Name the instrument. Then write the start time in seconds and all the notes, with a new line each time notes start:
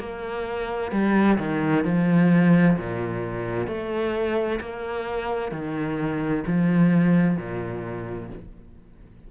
cello
0.00 A#3
0.92 G3
1.39 D#3
1.85 F3
2.78 A#2
3.68 A3
4.61 A#3
5.52 D#3
6.47 F3
7.38 A#2